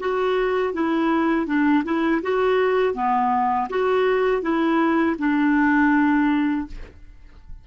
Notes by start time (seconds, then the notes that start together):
0.00 F#4
0.74 E4
1.46 D4
1.85 E4
2.23 F#4
2.94 B3
3.70 F#4
4.42 E4
5.19 D4